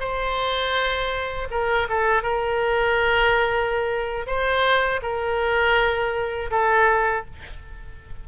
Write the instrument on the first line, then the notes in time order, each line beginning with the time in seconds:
oboe
0.00 C5
1.51 A#4
1.89 A4
2.23 A#4
4.27 C5
5.02 A#4
6.51 A4